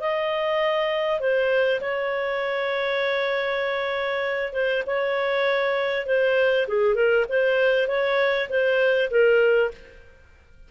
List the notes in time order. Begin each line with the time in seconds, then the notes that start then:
0.00 D#5
1.20 C5
1.81 C#5
4.53 C5
4.87 C#5
6.06 C5
6.68 G#4
6.95 A#4
7.29 C5
7.88 C#5
8.49 C5
9.10 A#4